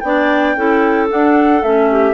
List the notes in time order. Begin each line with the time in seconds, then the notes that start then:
0.00 B3 D4 D5 G5
0.56 C#4 E4 A4
1.09 D4 F#5
1.62 A3 C#4 E5
1.91 G4